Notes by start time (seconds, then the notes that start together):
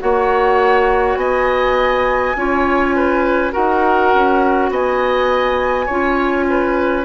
0.00 A#3 F#4 C#5 F#5
1.16 B3 D#5 G#5
2.36 C#4 F4 C#5
2.96 B4
3.51 D#4 F#4 A#4 F#5
4.15 C#4
4.71 B3 D#5 G#5
5.86 C#4 F4 C#5
6.50 B4